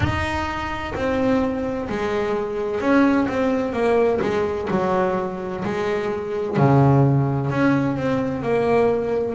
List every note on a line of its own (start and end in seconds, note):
0.00 0.93 D#4
0.94 1.88 C4
1.89 2.80 G#3
2.80 3.27 C#4
3.28 3.72 C4
3.72 4.19 A#3
4.21 4.68 G#3
4.70 5.64 F#3
5.64 6.56 G#3
6.56 7.50 C#3
7.50 7.96 C#4
7.96 8.42 C4
8.42 9.35 A#3